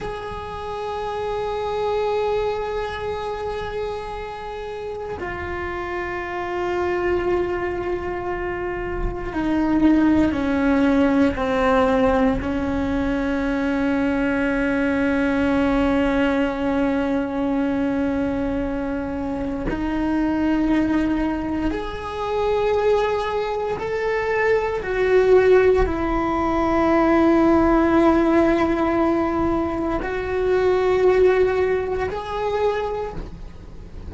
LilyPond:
\new Staff \with { instrumentName = "cello" } { \time 4/4 \tempo 4 = 58 gis'1~ | gis'4 f'2.~ | f'4 dis'4 cis'4 c'4 | cis'1~ |
cis'2. dis'4~ | dis'4 gis'2 a'4 | fis'4 e'2.~ | e'4 fis'2 gis'4 | }